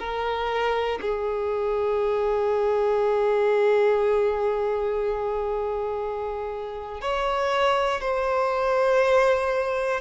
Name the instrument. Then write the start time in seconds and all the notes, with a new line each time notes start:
violin
0.00 A#4
1.02 G#4
7.01 C#5
8.01 C5